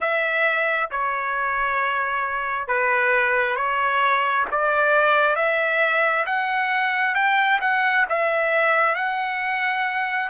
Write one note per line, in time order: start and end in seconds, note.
0.00 0.90 E5
0.90 2.67 C#5
2.67 3.56 B4
3.56 4.45 C#5
4.51 5.35 D5
5.35 6.24 E5
6.26 7.14 F#5
7.14 7.59 G5
7.60 8.05 F#5
8.09 8.95 E5
8.95 10.29 F#5